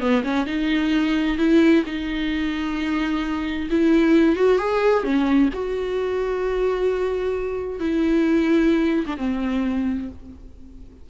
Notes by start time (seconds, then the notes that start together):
0.00 B3
0.24 C#4
0.46 D#4
1.38 E4
1.86 D#4
3.70 E4
4.36 F#4
4.58 G#4
5.03 C#4
5.53 F#4
7.80 E4
9.07 D4
9.17 C4